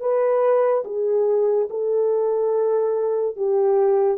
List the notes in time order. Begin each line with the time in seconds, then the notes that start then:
0.00 B4
0.84 G#4
1.70 A4
3.36 G4